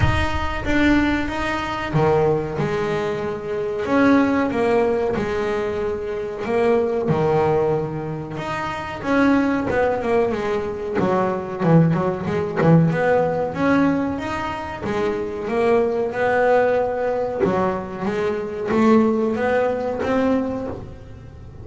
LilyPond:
\new Staff \with { instrumentName = "double bass" } { \time 4/4 \tempo 4 = 93 dis'4 d'4 dis'4 dis4 | gis2 cis'4 ais4 | gis2 ais4 dis4~ | dis4 dis'4 cis'4 b8 ais8 |
gis4 fis4 e8 fis8 gis8 e8 | b4 cis'4 dis'4 gis4 | ais4 b2 fis4 | gis4 a4 b4 c'4 | }